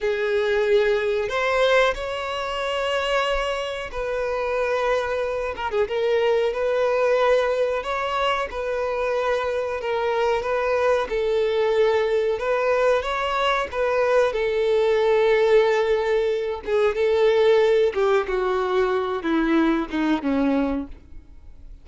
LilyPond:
\new Staff \with { instrumentName = "violin" } { \time 4/4 \tempo 4 = 92 gis'2 c''4 cis''4~ | cis''2 b'2~ | b'8 ais'16 gis'16 ais'4 b'2 | cis''4 b'2 ais'4 |
b'4 a'2 b'4 | cis''4 b'4 a'2~ | a'4. gis'8 a'4. g'8 | fis'4. e'4 dis'8 cis'4 | }